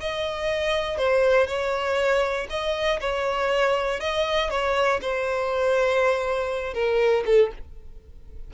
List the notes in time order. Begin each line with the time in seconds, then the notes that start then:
0.00 D#5
0.98 C5
1.47 C#5
2.50 D#5
3.01 C#5
4.00 D#5
4.50 C#5
5.01 C5
6.74 A#4
7.26 A4